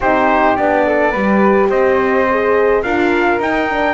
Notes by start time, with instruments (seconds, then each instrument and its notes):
0.00 double bass C4, horn D#4, flute G4, trumpet C5
0.56 double bass B3, horn D4, trumpet D5
0.86 flute A4
1.11 double bass G3, horn G4, flute B4
1.69 double bass C4, flute C5, trumpet D#5
2.31 horn G#4
2.83 double bass D4, horn F4, flute A#4, trumpet F5
3.39 double bass D#4, horn D#4, trumpet G5
3.69 horn D4